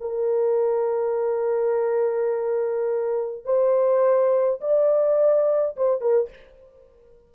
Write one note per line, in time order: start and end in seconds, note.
0.00 3.45 A#4
3.45 4.60 C5
4.60 5.76 D5
5.76 6.01 C5
6.01 6.29 A#4